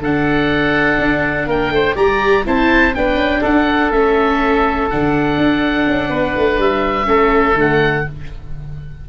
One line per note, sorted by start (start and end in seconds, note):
0.00 0.98 D3
0.00 1.96 D4
0.00 1.48 A4
0.00 1.50 F#5
0.99 1.47 D4
1.47 1.71 A#3
1.47 1.72 A#4
1.47 1.97 G5
1.71 1.95 A3
1.71 1.96 C5
1.96 2.46 G3
1.96 2.45 G4
1.96 2.45 D5
1.96 2.46 A#5
2.45 2.96 C4
2.45 2.94 E4
2.45 2.96 C5
2.45 2.95 A5
2.95 3.16 B3
2.95 3.93 D4
2.95 3.42 B4
2.95 3.44 G5
3.16 3.40 C#4
3.42 3.91 D4
3.42 6.10 A4
3.42 3.92 F#5
3.91 4.89 A3
3.91 4.91 C#4
3.91 4.90 E5
4.91 5.38 D3
4.91 7.05 D4
4.91 6.61 F#5
5.38 5.86 D4
5.87 6.10 C#4
6.10 6.35 B3
6.10 7.07 B4
6.37 6.59 A3
6.59 7.08 G3
6.59 7.59 E5
7.05 7.55 A3
7.05 7.54 C#4
7.05 8.06 A4
7.55 8.04 D3
7.55 8.05 A3
7.55 8.09 F#5